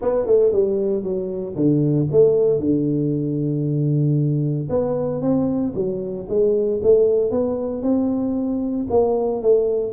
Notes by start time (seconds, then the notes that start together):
0.01 B3
0.25 A3
0.51 G3
1.03 F#3
1.55 D3
2.11 A3
2.59 D3
4.69 B3
5.21 C4
5.74 F#3
6.28 G#3
6.82 A3
7.30 B3
7.82 C4
8.90 A#3
9.42 A3